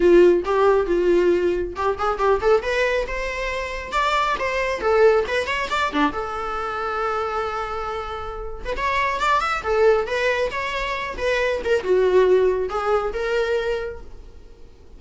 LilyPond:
\new Staff \with { instrumentName = "viola" } { \time 4/4 \tempo 4 = 137 f'4 g'4 f'2 | g'8 gis'8 g'8 a'8 b'4 c''4~ | c''4 d''4 c''4 a'4 | b'8 cis''8 d''8 d'8 a'2~ |
a'2.~ a'8. b'16 | cis''4 d''8 e''8 a'4 b'4 | cis''4. b'4 ais'8 fis'4~ | fis'4 gis'4 ais'2 | }